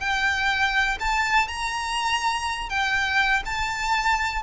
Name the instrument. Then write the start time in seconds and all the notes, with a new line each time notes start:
violin
0.00 G5
1.00 A5
1.48 A#5
2.69 G5
3.46 A5